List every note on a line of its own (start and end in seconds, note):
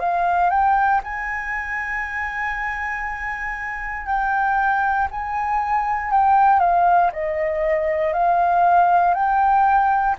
0.00 0.50 F5
0.50 1.01 G5
1.04 4.07 G#5
4.07 5.08 G5
5.11 6.11 G#5
6.11 6.60 G5
6.60 7.11 F5
7.13 8.14 D#5
8.14 9.14 F5
9.14 10.16 G5